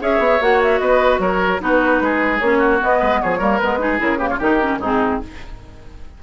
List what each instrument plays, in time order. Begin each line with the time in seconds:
0.00 bassoon C#4, clarinet G#4, oboe C#5, flute E5
0.19 bassoon B3
0.41 bassoon A#3, clarinet F#4, flute F#5
0.63 flute E5
0.79 bassoon B3, oboe B4, flute D#5
1.19 bassoon F#3, oboe A#4, flute C#5
1.60 bassoon B3, clarinet D#4, oboe F#4, flute B4
2.01 bassoon G#3, oboe G#4
2.39 bassoon A#3, clarinet C#4, flute C#5
2.59 oboe F#4
2.80 clarinet B3, bassoon B3, flute D#5
3.00 bassoon G#3, oboe B4
3.22 bassoon F3, oboe G#4, flute C#5
3.39 bassoon G3, clarinet A#3, oboe A#4
3.59 bassoon G#3, clarinet B3, flute B4
3.79 clarinet D#4, oboe G#4
3.99 bassoon C#3, clarinet E4, flute A#4
4.19 clarinet A#3, oboe G4, flute B4
4.29 oboe F4, flute C#5
4.39 bassoon D#3, clarinet D#4, oboe G4, flute A#4
4.61 clarinet C#4
4.79 bassoon G#2, clarinet C4, oboe D#4, flute G#4